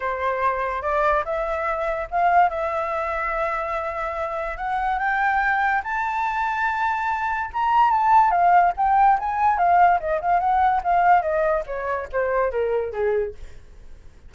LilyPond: \new Staff \with { instrumentName = "flute" } { \time 4/4 \tempo 4 = 144 c''2 d''4 e''4~ | e''4 f''4 e''2~ | e''2. fis''4 | g''2 a''2~ |
a''2 ais''4 a''4 | f''4 g''4 gis''4 f''4 | dis''8 f''8 fis''4 f''4 dis''4 | cis''4 c''4 ais'4 gis'4 | }